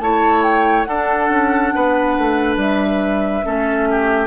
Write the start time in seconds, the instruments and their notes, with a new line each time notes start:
0.00 bassoon A3, clarinet E4, oboe C#5, flute A5
0.43 flute G5
0.85 clarinet D4, bassoon D4, oboe A4, flute F#5
1.30 bassoon C#4
1.75 bassoon B3, oboe B4
2.18 bassoon A3
2.57 bassoon G3, flute E5
3.44 bassoon A3, clarinet C#4, oboe A4
3.91 oboe G4